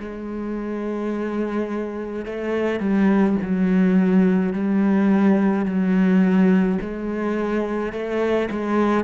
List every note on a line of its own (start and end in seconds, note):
0.00 2.26 G#3
2.26 2.80 A3
2.80 3.37 G3
3.42 4.53 F#3
4.53 5.66 G3
5.66 6.79 F#3
6.82 7.93 G#3
7.93 8.50 A3
8.51 9.05 G#3